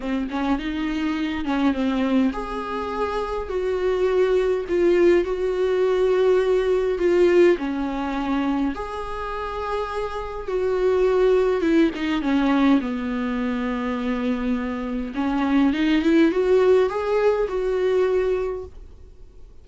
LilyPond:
\new Staff \with { instrumentName = "viola" } { \time 4/4 \tempo 4 = 103 c'8 cis'8 dis'4. cis'8 c'4 | gis'2 fis'2 | f'4 fis'2. | f'4 cis'2 gis'4~ |
gis'2 fis'2 | e'8 dis'8 cis'4 b2~ | b2 cis'4 dis'8 e'8 | fis'4 gis'4 fis'2 | }